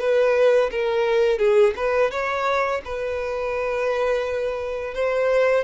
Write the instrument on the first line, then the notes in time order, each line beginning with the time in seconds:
violin
0.00 B4
0.72 A#4
1.39 G#4
1.77 B4
2.11 C#5
2.85 B4
4.94 C5